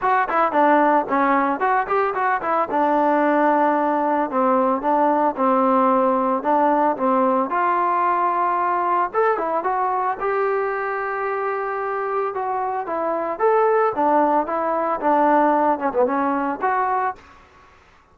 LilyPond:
\new Staff \with { instrumentName = "trombone" } { \time 4/4 \tempo 4 = 112 fis'8 e'8 d'4 cis'4 fis'8 g'8 | fis'8 e'8 d'2. | c'4 d'4 c'2 | d'4 c'4 f'2~ |
f'4 a'8 e'8 fis'4 g'4~ | g'2. fis'4 | e'4 a'4 d'4 e'4 | d'4. cis'16 b16 cis'4 fis'4 | }